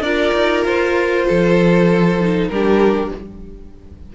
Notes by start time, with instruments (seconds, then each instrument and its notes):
0.00 cello D4, viola F4, violin A#4 D5
0.34 cello D#4
0.64 cello F4, violin C5
1.27 cello F3, violin A4
2.20 viola D#4
2.48 cello G3, viola D4, violin G4 A#4